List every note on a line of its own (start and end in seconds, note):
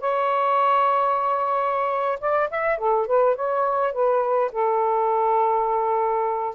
0.00 2.18 C#5
2.20 2.49 D5
2.50 2.78 E5
2.78 3.06 A4
3.06 3.35 B4
3.35 3.93 C#5
3.93 4.51 B4
4.52 6.55 A4